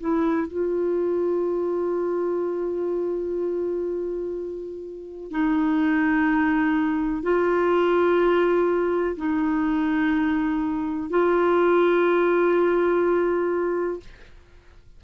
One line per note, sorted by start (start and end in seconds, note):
0.00 0.48 E4
0.48 5.31 F4
5.31 7.23 D#4
7.23 9.16 F4
9.17 11.10 D#4
11.10 14.00 F4